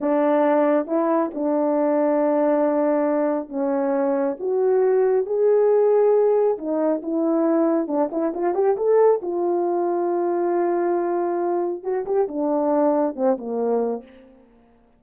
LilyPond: \new Staff \with { instrumentName = "horn" } { \time 4/4 \tempo 4 = 137 d'2 e'4 d'4~ | d'1 | cis'2 fis'2 | gis'2. dis'4 |
e'2 d'8 e'8 f'8 g'8 | a'4 f'2.~ | f'2. fis'8 g'8 | d'2 c'8 ais4. | }